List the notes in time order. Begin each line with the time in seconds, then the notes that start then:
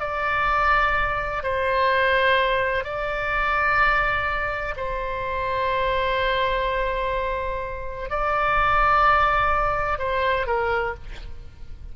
0.00 D5
1.43 C5
2.84 D5
4.77 C5
8.10 D5
9.99 C5
10.47 A#4